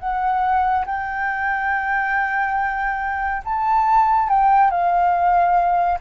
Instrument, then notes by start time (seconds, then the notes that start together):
flute
0.00 F#5
0.86 G5
3.45 A5
4.29 G5
4.71 F5